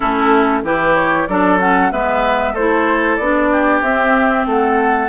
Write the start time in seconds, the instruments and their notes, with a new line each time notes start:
0.00 bassoon A3, clarinet C#4, oboe E4, flute A4
0.63 bassoon E3, clarinet E4, oboe G4, flute B4
0.95 flute C#5
1.26 bassoon F#3, clarinet D4, oboe A4, flute D5
1.59 clarinet C#4, flute F#5
1.91 bassoon G#3, clarinet B3, oboe B4, flute E5
2.53 bassoon A3, clarinet E4, oboe A4, flute C5
3.16 bassoon B3, clarinet D4, flute D5
3.51 oboe G4
3.81 bassoon C4, clarinet C4, flute E5
4.45 bassoon A3, oboe A4, flute F#5